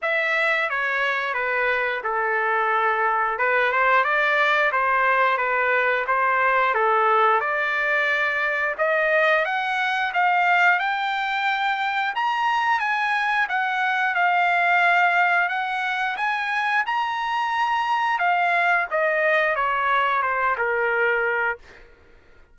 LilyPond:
\new Staff \with { instrumentName = "trumpet" } { \time 4/4 \tempo 4 = 89 e''4 cis''4 b'4 a'4~ | a'4 b'8 c''8 d''4 c''4 | b'4 c''4 a'4 d''4~ | d''4 dis''4 fis''4 f''4 |
g''2 ais''4 gis''4 | fis''4 f''2 fis''4 | gis''4 ais''2 f''4 | dis''4 cis''4 c''8 ais'4. | }